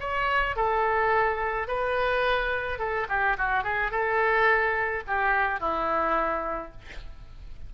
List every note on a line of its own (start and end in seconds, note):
0.00 0.56 C#5
0.56 1.67 A4
1.67 2.79 B4
2.79 3.07 A4
3.09 3.37 G4
3.37 3.64 F#4
3.64 3.91 G#4
3.91 5.03 A4
5.07 5.60 G4
5.60 6.72 E4